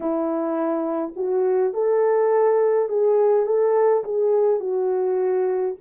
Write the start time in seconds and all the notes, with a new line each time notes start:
0.00 E4
1.15 F#4
1.73 A4
2.88 G#4
3.46 A4
4.04 G#4
4.59 F#4